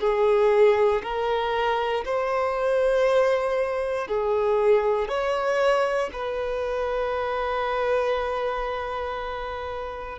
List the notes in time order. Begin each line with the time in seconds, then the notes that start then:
0.00 G#4
1.03 A#4
2.05 C5
4.07 G#4
5.08 C#5
6.12 B4